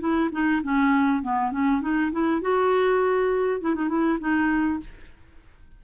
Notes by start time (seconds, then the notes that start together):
0.00 E4
0.32 D#4
0.63 C#4
1.23 B3
1.52 C#4
1.82 D#4
2.12 E4
2.42 F#4
3.61 E4
3.75 D#4
3.89 E4
4.20 D#4